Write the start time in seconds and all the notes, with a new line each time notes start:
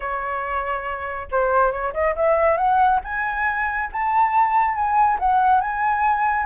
0.00 C#5
1.31 C5
1.71 C#5
1.93 D#5
2.15 E5
2.57 F#5
3.03 G#5
3.92 A5
4.74 G#5
5.19 F#5
5.60 G#5